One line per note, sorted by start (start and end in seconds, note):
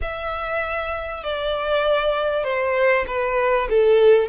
0.01 1.23 E5
1.23 2.44 D5
2.44 3.05 C5
3.07 3.68 B4
3.69 4.28 A4